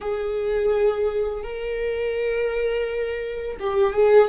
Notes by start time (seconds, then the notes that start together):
0.00 G#4
1.43 A#4
3.59 G4
3.93 G#4